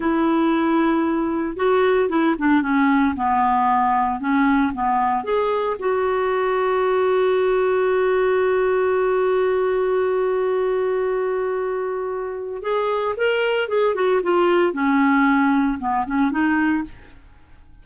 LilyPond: \new Staff \with { instrumentName = "clarinet" } { \time 4/4 \tempo 4 = 114 e'2. fis'4 | e'8 d'8 cis'4 b2 | cis'4 b4 gis'4 fis'4~ | fis'1~ |
fis'1~ | fis'1 | gis'4 ais'4 gis'8 fis'8 f'4 | cis'2 b8 cis'8 dis'4 | }